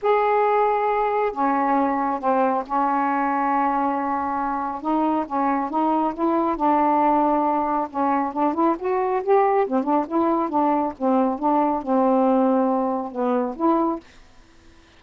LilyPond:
\new Staff \with { instrumentName = "saxophone" } { \time 4/4 \tempo 4 = 137 gis'2. cis'4~ | cis'4 c'4 cis'2~ | cis'2. dis'4 | cis'4 dis'4 e'4 d'4~ |
d'2 cis'4 d'8 e'8 | fis'4 g'4 c'8 d'8 e'4 | d'4 c'4 d'4 c'4~ | c'2 b4 e'4 | }